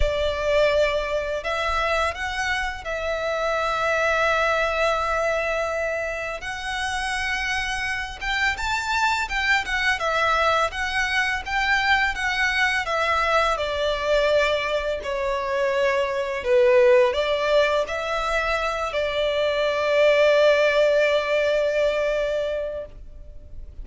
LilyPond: \new Staff \with { instrumentName = "violin" } { \time 4/4 \tempo 4 = 84 d''2 e''4 fis''4 | e''1~ | e''4 fis''2~ fis''8 g''8 | a''4 g''8 fis''8 e''4 fis''4 |
g''4 fis''4 e''4 d''4~ | d''4 cis''2 b'4 | d''4 e''4. d''4.~ | d''1 | }